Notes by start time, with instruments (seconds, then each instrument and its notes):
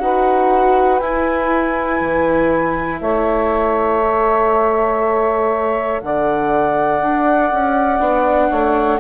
0.00 bassoon D#4, viola F#4, saxophone B4, flute F#5
1.00 bassoon E4, viola E4, flute G#5
2.01 bassoon E3
3.01 bassoon A3, saxophone C#5, flute E5
4.01 viola A4
6.01 bassoon D3, saxophone D5, flute F#5
7.02 bassoon D4
7.52 bassoon C#4
8.00 bassoon B3, viola D4
8.50 bassoon A3, saxophone C#5